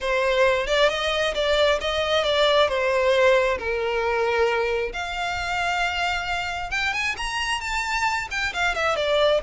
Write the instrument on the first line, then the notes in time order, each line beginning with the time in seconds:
violin
0.00 C5
0.66 D5
0.89 D#5
1.34 D5
1.80 D#5
2.23 D5
2.68 C5
3.58 A#4
4.93 F5
6.70 G5
6.93 G#5
7.17 A#5
7.61 A5
8.31 G5
8.53 F5
8.74 E5
8.96 D5